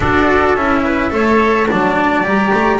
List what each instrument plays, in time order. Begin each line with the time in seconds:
0.00 double bass D4, cello F#4, trumpet A4, flute D5
0.55 double bass C#4, cello E4, flute E5
0.84 trumpet B4
1.10 double bass A3, cello A4, trumpet C#5
1.68 double bass F#3, cello D4, trumpet D5, flute A5
2.23 double bass G3, cello G4, flute A#5
2.53 double bass A3